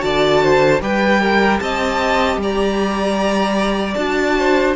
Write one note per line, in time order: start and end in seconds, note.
0.00 0.81 D3
0.00 0.79 F#4
0.00 0.43 D5
0.00 0.80 A5
0.43 0.82 C5
0.81 1.60 G3
0.81 3.97 G4
0.81 1.21 B4
0.81 1.60 G5
1.21 1.61 A#4
1.60 2.37 C4
1.60 2.42 D#5
1.60 2.39 A5
2.37 3.95 G3
2.37 4.38 D5
2.43 3.94 A#5
3.94 4.76 D4
3.94 4.75 F#4
3.94 4.73 A5
4.38 4.76 C5